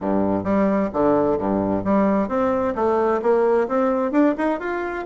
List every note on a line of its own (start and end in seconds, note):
0.00 0.44 G2
0.44 0.89 G3
0.93 1.37 D3
1.37 1.83 G2
1.84 2.28 G3
2.28 2.74 C4
2.75 3.21 A3
3.22 3.67 A#3
3.67 4.11 C4
4.11 4.34 D4
4.37 4.59 D#4
4.59 5.05 F4